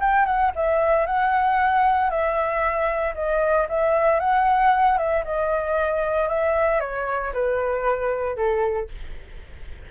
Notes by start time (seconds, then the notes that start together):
0.00 G5
0.25 F#5
0.55 E5
1.06 F#5
2.10 E5
3.15 D#5
3.69 E5
4.20 F#5
4.98 E5
5.25 D#5
6.29 E5
6.80 C#5
7.34 B4
8.36 A4